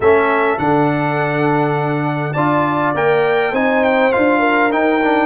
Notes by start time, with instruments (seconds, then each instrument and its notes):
0.00 tuba A3, trombone C#4, horn A4, trumpet E5
0.58 tuba D3, trombone D4, trumpet F#5
2.33 tuba D4, trombone F4, horn D5, trumpet A5
2.94 tuba A#3, trombone A#4, trumpet G5
3.52 tuba C4, trombone D#4, horn C5, trumpet G#5
3.84 trumpet G5
4.12 tuba D4, trombone F4, trumpet F5
4.39 horn A#4
4.70 trombone D#4, tuba D#4, trumpet G5
5.03 trombone D4